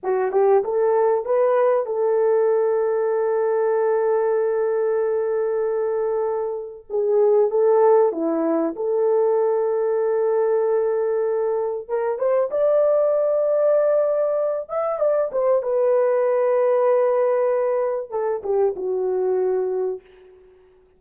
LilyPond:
\new Staff \with { instrumentName = "horn" } { \time 4/4 \tempo 4 = 96 fis'8 g'8 a'4 b'4 a'4~ | a'1~ | a'2. gis'4 | a'4 e'4 a'2~ |
a'2. ais'8 c''8 | d''2.~ d''8 e''8 | d''8 c''8 b'2.~ | b'4 a'8 g'8 fis'2 | }